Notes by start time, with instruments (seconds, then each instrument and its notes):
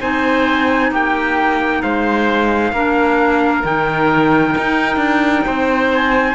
0.00 cello C4, clarinet D#4, oboe C5, trumpet G#5
0.91 cello A#3, oboe G4, trumpet G5
1.82 cello G#3, oboe C5, trumpet F5
2.73 cello A#3, clarinet D4, oboe A#4
3.64 cello D#3, clarinet D#4, trumpet G5
4.58 cello D#4
4.97 cello D4
5.46 cello C4, oboe C5
5.94 trumpet G#5